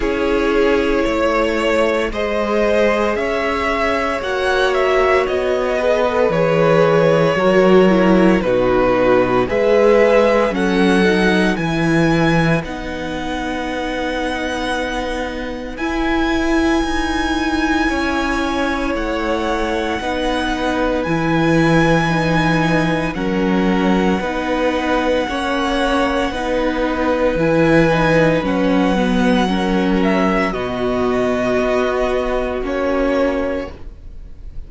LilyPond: <<
  \new Staff \with { instrumentName = "violin" } { \time 4/4 \tempo 4 = 57 cis''2 dis''4 e''4 | fis''8 e''8 dis''4 cis''2 | b'4 e''4 fis''4 gis''4 | fis''2. gis''4~ |
gis''2 fis''2 | gis''2 fis''2~ | fis''2 gis''4 fis''4~ | fis''8 e''8 dis''2 cis''4 | }
  \new Staff \with { instrumentName = "violin" } { \time 4/4 gis'4 cis''4 c''4 cis''4~ | cis''4. b'4. ais'4 | fis'4 b'4 a'4 b'4~ | b'1~ |
b'4 cis''2 b'4~ | b'2 ais'4 b'4 | cis''4 b'2. | ais'4 fis'2. | }
  \new Staff \with { instrumentName = "viola" } { \time 4/4 e'2 gis'2 | fis'4. gis'16 a'16 gis'4 fis'8 e'8 | dis'4 gis'4 cis'8 dis'8 e'4 | dis'2. e'4~ |
e'2. dis'4 | e'4 dis'4 cis'4 dis'4 | cis'4 dis'4 e'8 dis'8 cis'8 b8 | cis'4 b2 cis'4 | }
  \new Staff \with { instrumentName = "cello" } { \time 4/4 cis'4 a4 gis4 cis'4 | ais4 b4 e4 fis4 | b,4 gis4 fis4 e4 | b2. e'4 |
dis'4 cis'4 a4 b4 | e2 fis4 b4 | ais4 b4 e4 fis4~ | fis4 b,4 b4 ais4 | }
>>